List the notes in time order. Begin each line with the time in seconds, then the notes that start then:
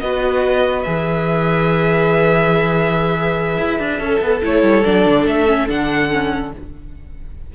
0.00 B3 F#4 B4 D#5
0.83 E3 G#4 E5
3.58 E4
3.79 D4
3.99 C#4 A4
4.21 B3
4.42 A3 E4 C#5
4.63 G3
4.85 F#3 D4 D5
5.06 D3
5.26 A3 E5
5.47 C#4
5.68 D3 D4 F#5
6.10 C#4